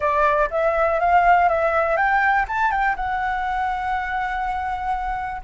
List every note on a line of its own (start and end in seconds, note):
0.00 0.49 D5
0.50 0.99 E5
0.99 1.48 F5
1.48 1.96 E5
1.96 2.45 G5
2.47 2.71 A5
2.71 2.95 G5
2.96 5.41 F#5